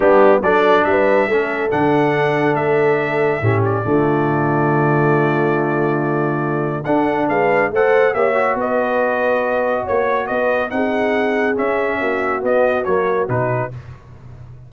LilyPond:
<<
  \new Staff \with { instrumentName = "trumpet" } { \time 4/4 \tempo 4 = 140 g'4 d''4 e''2 | fis''2 e''2~ | e''8 d''2.~ d''8~ | d''1 |
fis''4 f''4 fis''4 e''4 | dis''2. cis''4 | dis''4 fis''2 e''4~ | e''4 dis''4 cis''4 b'4 | }
  \new Staff \with { instrumentName = "horn" } { \time 4/4 d'4 a'4 b'4 a'4~ | a'1 | g'4 f'2.~ | f'1 |
a'4 b'4 c''4 cis''4 | b'2. cis''4 | b'4 gis'2. | fis'1 | }
  \new Staff \with { instrumentName = "trombone" } { \time 4/4 b4 d'2 cis'4 | d'1 | cis'4 a2.~ | a1 |
d'2 a'4 g'8 fis'8~ | fis'1~ | fis'4 dis'2 cis'4~ | cis'4 b4 ais4 dis'4 | }
  \new Staff \with { instrumentName = "tuba" } { \time 4/4 g4 fis4 g4 a4 | d2 a2 | a,4 d2.~ | d1 |
d'4 gis4 a4 ais4 | b2. ais4 | b4 c'2 cis'4 | ais4 b4 fis4 b,4 | }
>>